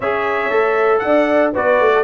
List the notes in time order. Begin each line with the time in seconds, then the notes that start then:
0.00 C#4 G#4 C#5 E5
0.49 A3 A4
0.98 D4 F#5
1.06 D5
1.53 B3 F#4 B4 D5
1.80 A3
1.94 A4